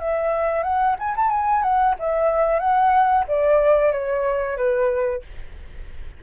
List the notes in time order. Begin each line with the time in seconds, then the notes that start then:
0.00 E5
0.63 F#5
0.99 G#5
1.16 A5
1.30 G#5
1.62 F#5
1.99 E5
2.59 F#5
3.28 D5
3.92 C#5
4.57 B4